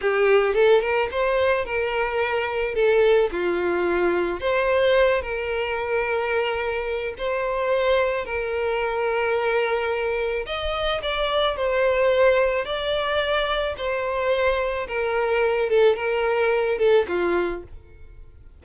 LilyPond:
\new Staff \with { instrumentName = "violin" } { \time 4/4 \tempo 4 = 109 g'4 a'8 ais'8 c''4 ais'4~ | ais'4 a'4 f'2 | c''4. ais'2~ ais'8~ | ais'4 c''2 ais'4~ |
ais'2. dis''4 | d''4 c''2 d''4~ | d''4 c''2 ais'4~ | ais'8 a'8 ais'4. a'8 f'4 | }